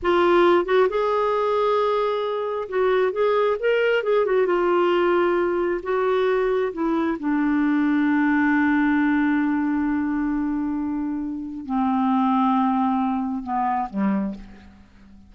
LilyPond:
\new Staff \with { instrumentName = "clarinet" } { \time 4/4 \tempo 4 = 134 f'4. fis'8 gis'2~ | gis'2 fis'4 gis'4 | ais'4 gis'8 fis'8 f'2~ | f'4 fis'2 e'4 |
d'1~ | d'1~ | d'2 c'2~ | c'2 b4 g4 | }